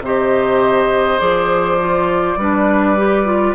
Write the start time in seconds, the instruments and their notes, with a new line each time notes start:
0.00 bassoon C3, clarinet G4, oboe C5, flute D#5
1.18 bassoon F3, clarinet G#4, flute D5
1.79 clarinet F4
2.37 bassoon G3, clarinet D4, oboe B4
2.97 clarinet G4
3.25 clarinet F4